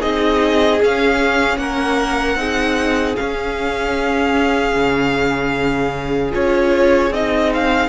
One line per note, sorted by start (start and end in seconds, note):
0.00 0.82 C4
0.00 0.80 D#4
0.00 1.58 G#4
0.00 0.81 D#5
0.81 2.38 C#4
0.81 1.58 C#4
0.81 1.58 F5
1.58 2.36 A#3
1.58 2.40 A#4
1.58 3.16 F#5
2.36 3.15 C4
2.36 3.17 D#4
2.36 7.89 G#4
3.16 6.31 C#4
3.16 4.76 C#4
3.16 6.32 F5
4.76 6.34 C#3
6.31 7.11 C#4
6.31 7.10 F4
6.31 7.14 C#5
7.11 7.89 C4
7.11 7.89 D#4
7.11 7.53 D#5
7.54 7.89 F5